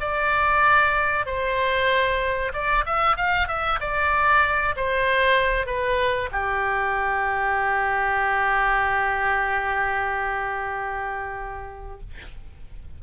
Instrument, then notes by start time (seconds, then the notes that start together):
oboe
0.00 D5
1.25 C5
2.53 D5
2.86 E5
3.17 F5
3.48 E5
3.80 D5
4.76 C5
5.66 B4
6.32 G4